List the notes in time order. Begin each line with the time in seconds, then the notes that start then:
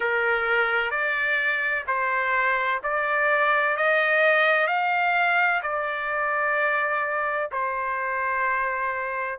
0.00 A#4
0.90 D5
1.87 C5
2.83 D5
3.77 D#5
4.67 F5
5.62 D5
7.51 C5